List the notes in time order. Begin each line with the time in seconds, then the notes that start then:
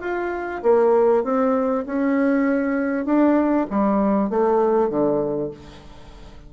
0.00 F4
0.62 A#3
1.23 C4
1.86 C#4
3.05 D4
3.70 G3
4.29 A3
4.89 D3